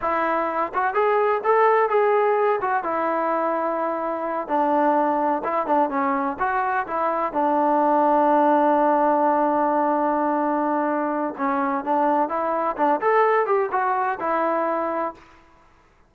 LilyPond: \new Staff \with { instrumentName = "trombone" } { \time 4/4 \tempo 4 = 127 e'4. fis'8 gis'4 a'4 | gis'4. fis'8 e'2~ | e'4. d'2 e'8 | d'8 cis'4 fis'4 e'4 d'8~ |
d'1~ | d'1 | cis'4 d'4 e'4 d'8 a'8~ | a'8 g'8 fis'4 e'2 | }